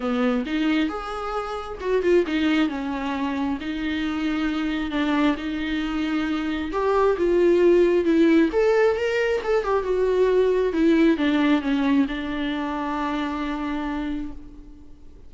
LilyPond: \new Staff \with { instrumentName = "viola" } { \time 4/4 \tempo 4 = 134 b4 dis'4 gis'2 | fis'8 f'8 dis'4 cis'2 | dis'2. d'4 | dis'2. g'4 |
f'2 e'4 a'4 | ais'4 a'8 g'8 fis'2 | e'4 d'4 cis'4 d'4~ | d'1 | }